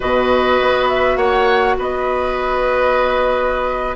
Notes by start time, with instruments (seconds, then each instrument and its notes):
0.00 bassoon B2, clarinet F#4, oboe B4, flute D#5
0.61 bassoon B3
0.88 flute E5
1.16 bassoon A#3, oboe C#5, flute F#5
1.78 bassoon B3, oboe B4, flute D#5